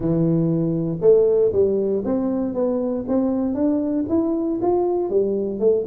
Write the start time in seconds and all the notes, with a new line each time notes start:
0.00 E3
1.01 A3
1.52 G3
2.05 C4
2.54 B3
3.08 C4
3.54 D4
4.09 E4
4.61 F4
5.09 G3
5.59 A3